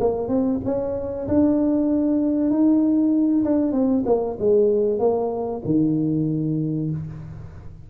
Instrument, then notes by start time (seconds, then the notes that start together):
tuba
0.00 A#3
0.28 C4
0.65 C#4
1.28 D4
2.50 D#4
3.45 D4
3.72 C4
4.06 A#3
4.39 G#3
4.99 A#3
5.65 D#3